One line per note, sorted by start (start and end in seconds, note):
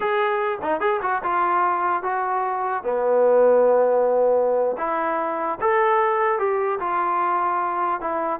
0.00 0.58 G#4
0.62 0.80 D#4
0.80 1.00 G#4
1.02 1.22 F#4
1.23 2.03 F4
2.03 2.83 F#4
2.83 4.76 B3
4.77 5.58 E4
5.60 6.38 A4
6.38 6.79 G4
6.79 8.00 F4
8.00 8.39 E4